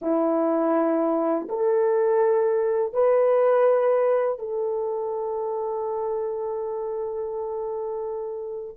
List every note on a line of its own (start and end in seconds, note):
0.01 1.48 E4
1.48 2.93 A4
2.93 4.38 B4
4.38 8.76 A4